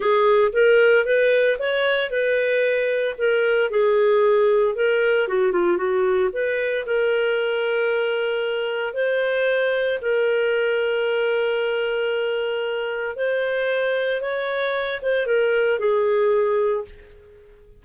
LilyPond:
\new Staff \with { instrumentName = "clarinet" } { \time 4/4 \tempo 4 = 114 gis'4 ais'4 b'4 cis''4 | b'2 ais'4 gis'4~ | gis'4 ais'4 fis'8 f'8 fis'4 | b'4 ais'2.~ |
ais'4 c''2 ais'4~ | ais'1~ | ais'4 c''2 cis''4~ | cis''8 c''8 ais'4 gis'2 | }